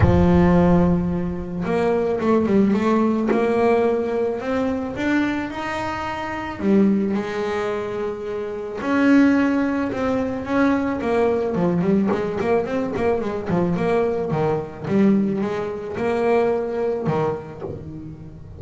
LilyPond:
\new Staff \with { instrumentName = "double bass" } { \time 4/4 \tempo 4 = 109 f2. ais4 | a8 g8 a4 ais2 | c'4 d'4 dis'2 | g4 gis2. |
cis'2 c'4 cis'4 | ais4 f8 g8 gis8 ais8 c'8 ais8 | gis8 f8 ais4 dis4 g4 | gis4 ais2 dis4 | }